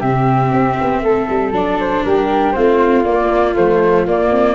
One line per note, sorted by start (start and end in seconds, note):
0.00 0.51 C3
0.00 1.54 C4
0.00 1.01 G4
0.00 1.52 E5
0.51 0.77 C4
0.81 1.02 B3
1.02 1.27 A3
1.02 2.05 A4
1.29 1.51 G3
1.51 2.02 F#3
1.51 2.54 D4
1.51 1.79 D5
1.79 2.04 C5
2.04 2.55 G3
2.04 2.56 G4
2.04 2.52 A#4
2.52 3.06 A3
2.52 3.05 C4
2.52 4.55 F4
2.52 3.03 C5
3.04 3.55 A#3
3.04 3.56 A#3
3.04 3.55 D5
3.55 4.07 F3
3.55 4.05 A3
3.55 4.07 C5
4.07 4.31 A#3
4.07 4.55 A#3
4.07 4.55 D5
4.31 4.55 C4